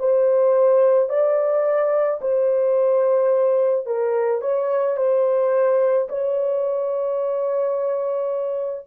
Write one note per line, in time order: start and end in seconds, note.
0.00 1.10 C5
1.10 2.21 D5
2.22 3.86 C5
3.86 4.42 A#4
4.42 4.97 C#5
4.97 6.09 C5
6.09 8.87 C#5